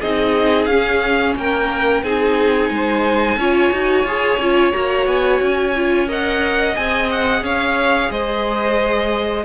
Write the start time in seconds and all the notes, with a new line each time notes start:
0.00 C4 D#4 G#4 D#5
0.65 C#4 F5
1.36 A#3 A#4 G5
2.02 C4 D#4 G#4 G#5
2.70 G#3 C5
3.36 C#4 F4 C#5
3.72 D#4 F#4
4.03 F4 G#4
4.38 C#4 F4
4.72 A#3 F#4 A#5
5.06 B3 G#5
5.40 C#4
5.76 F4
6.07 A#4 D#5 F#5
6.75 C4 G#4 G#5
7.10 F#5
7.41 C#4 C#5 F5
8.10 G#3 C5 D#5